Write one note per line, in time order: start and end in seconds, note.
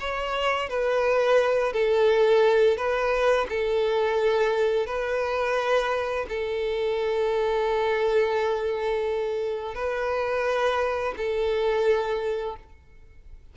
0.00 0.69 C#5
0.69 1.73 B4
1.73 2.77 A4
2.77 3.47 B4
3.49 4.86 A4
4.86 6.26 B4
6.29 9.75 A4
9.75 11.14 B4
11.17 12.56 A4